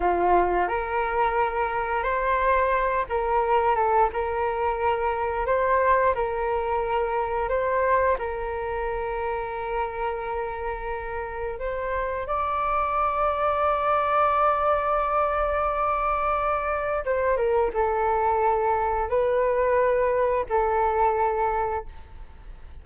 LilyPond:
\new Staff \with { instrumentName = "flute" } { \time 4/4 \tempo 4 = 88 f'4 ais'2 c''4~ | c''8 ais'4 a'8 ais'2 | c''4 ais'2 c''4 | ais'1~ |
ais'4 c''4 d''2~ | d''1~ | d''4 c''8 ais'8 a'2 | b'2 a'2 | }